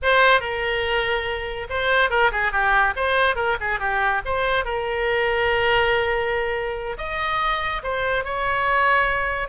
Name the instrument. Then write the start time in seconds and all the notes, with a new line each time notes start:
oboe
0.02 C5
0.40 A#4
1.69 C5
2.10 A#4
2.31 G#4
2.51 G4
2.96 C5
3.35 A#4
3.60 G#4
3.79 G4
4.25 C5
4.64 A#4
6.97 D#5
7.83 C5
8.24 C#5